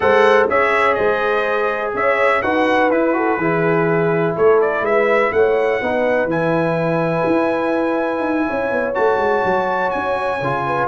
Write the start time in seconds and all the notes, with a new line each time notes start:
0.00 G#3 A4 C5 F#5
0.49 C#4 G#4 C#5 E5
0.94 G#3 C5 D#5
1.94 C#4 C#5 E5
2.42 D#4 F#4 B4 F#5
2.90 E4 B4
3.13 F#4 A4
3.37 E3 E4 G#4
4.35 A3 A4 C#5
4.61 D5
4.81 G#3 B4 E5
5.31 A3 C#5 F#5
5.80 B3 D#4 B4
6.25 E3 E4 G#5
7.26 E4
8.20 D#4
8.46 C#4 C#5
8.71 B3
8.94 A3 F#4 A5
9.17 G#3
9.44 F#3
9.90 C#4 G#5
10.40 C#3 F4
10.66 B4